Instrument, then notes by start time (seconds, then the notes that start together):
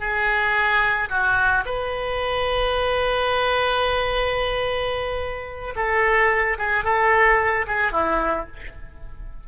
oboe
0.00 G#4
1.10 F#4
1.65 B4
5.76 A4
6.58 G#4
6.84 A4
7.67 G#4
7.92 E4